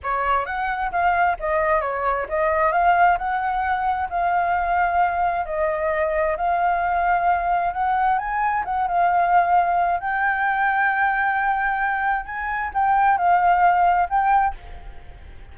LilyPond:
\new Staff \with { instrumentName = "flute" } { \time 4/4 \tempo 4 = 132 cis''4 fis''4 f''4 dis''4 | cis''4 dis''4 f''4 fis''4~ | fis''4 f''2. | dis''2 f''2~ |
f''4 fis''4 gis''4 fis''8 f''8~ | f''2 g''2~ | g''2. gis''4 | g''4 f''2 g''4 | }